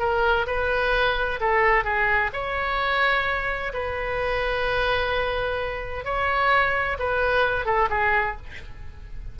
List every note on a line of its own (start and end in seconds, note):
0.00 0.47 A#4
0.47 1.40 B4
1.41 1.85 A4
1.85 2.31 G#4
2.34 3.73 C#5
3.74 6.05 B4
6.05 6.98 C#5
6.99 7.66 B4
7.66 7.89 A4
7.90 8.37 G#4